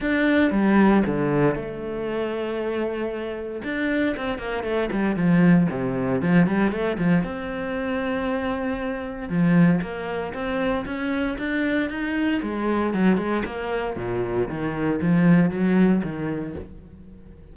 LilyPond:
\new Staff \with { instrumentName = "cello" } { \time 4/4 \tempo 4 = 116 d'4 g4 d4 a4~ | a2. d'4 | c'8 ais8 a8 g8 f4 c4 | f8 g8 a8 f8 c'2~ |
c'2 f4 ais4 | c'4 cis'4 d'4 dis'4 | gis4 fis8 gis8 ais4 ais,4 | dis4 f4 fis4 dis4 | }